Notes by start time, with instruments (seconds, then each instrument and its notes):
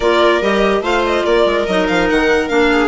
0.00 bassoon A#3, clarinet F4, viola A#4, violin D5
0.41 bassoon G3, clarinet G4, violin D#5
0.80 bassoon A3, clarinet F4, viola C5, violin F5
1.06 violin D#5
1.24 bassoon A#3, viola A#4, violin D5
1.45 bassoon G#3
1.66 bassoon F#3, clarinet D#4, violin D#5
1.87 bassoon F3, violin F5
2.09 bassoon D#3, violin F#5
2.48 bassoon A#3, clarinet D4, violin F5
2.71 viola G#4